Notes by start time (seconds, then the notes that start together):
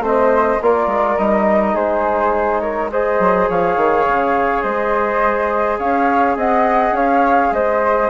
0.00 A3 C4 C5 D#5
0.62 A#3 F4 A#4 D5
0.87 G#3
1.18 G3 D#4 D#5
1.74 G#3 G#4 C5
2.61 A#4 C#5
2.92 G#4 C5 D#5
3.20 F#3
3.50 F3 C#5 F5
3.77 D#3
4.08 C#3
4.63 G#3 C5 D#5
5.79 C#4 C#5 F5
6.37 C4 D#5 F#5
6.92 C#4 C#5 F5
7.52 G#3 C5 D#5